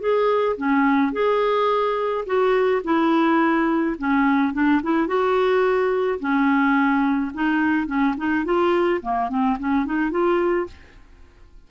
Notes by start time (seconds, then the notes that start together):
0.00 G#4
0.57 C#4
1.13 G#4
2.26 F#4
2.84 E4
3.98 C#4
4.53 D4
4.83 E4
5.07 F#4
6.20 C#4
7.34 D#4
7.87 C#4
8.17 D#4
8.45 F4
9.02 A#3
9.29 C4
9.59 C#4
9.85 D#4
10.11 F4